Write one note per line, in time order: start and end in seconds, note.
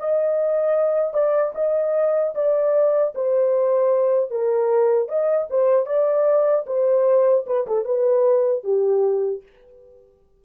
0.00 1.14 D#5
1.14 1.54 D5
1.55 2.34 D#5
2.35 3.14 D5
3.15 4.31 C5
4.31 5.09 A#4
5.09 5.48 D#5
5.50 5.87 C5
5.87 6.66 D5
6.67 7.46 C5
7.47 7.67 B4
7.67 7.85 A4
7.85 8.64 B4
8.64 9.43 G4